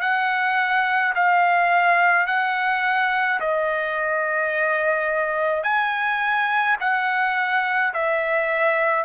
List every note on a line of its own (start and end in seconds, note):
0.00 1.13 F#5
1.15 2.26 F5
2.26 3.39 F#5
3.40 5.63 D#5
5.63 6.76 G#5
6.80 7.93 F#5
7.93 9.04 E5